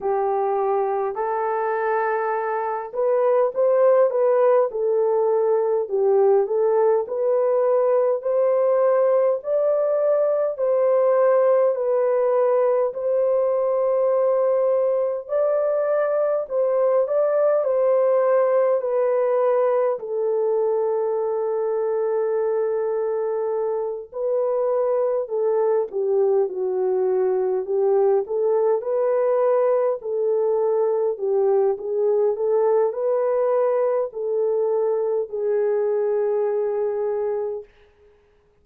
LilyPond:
\new Staff \with { instrumentName = "horn" } { \time 4/4 \tempo 4 = 51 g'4 a'4. b'8 c''8 b'8 | a'4 g'8 a'8 b'4 c''4 | d''4 c''4 b'4 c''4~ | c''4 d''4 c''8 d''8 c''4 |
b'4 a'2.~ | a'8 b'4 a'8 g'8 fis'4 g'8 | a'8 b'4 a'4 g'8 gis'8 a'8 | b'4 a'4 gis'2 | }